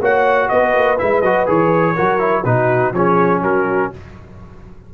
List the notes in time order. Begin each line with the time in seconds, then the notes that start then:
0.00 A#3 F#4 C#5 F#5
0.49 B3 B4 D#5
0.74 A#3
0.97 G#3 E4 E5
1.21 F#3 F#4 D#5
1.46 E3 G#4 C#5
1.95 F#3 F#4 A#4
2.18 E4
2.44 B2 D#4 F#4 B4
2.92 F3 C#4 G#4 C#5
3.41 F#3 F#4 A#4